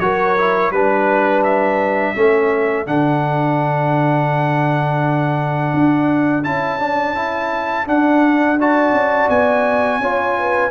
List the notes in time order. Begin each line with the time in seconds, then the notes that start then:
0.00 F#3 F#4 A#4 C#5
0.38 E4
0.71 G3 D4 B4
1.44 E5
2.15 A3 C#4 A4
2.86 D3 D4 F#5
5.74 D4
6.44 C#4 E4 A5
6.80 D4
7.15 E4
7.86 D4 F#5
8.60 F#4 D5 A5
8.92 C#4
9.29 B3 G#5
9.99 C#4 F4 C#5
10.39 B4